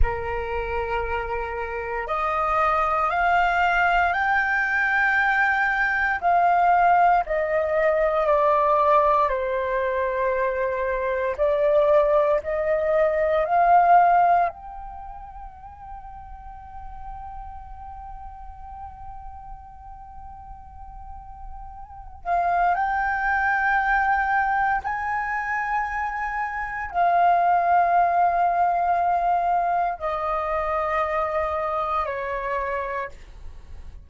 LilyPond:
\new Staff \with { instrumentName = "flute" } { \time 4/4 \tempo 4 = 58 ais'2 dis''4 f''4 | g''2 f''4 dis''4 | d''4 c''2 d''4 | dis''4 f''4 g''2~ |
g''1~ | g''4. f''8 g''2 | gis''2 f''2~ | f''4 dis''2 cis''4 | }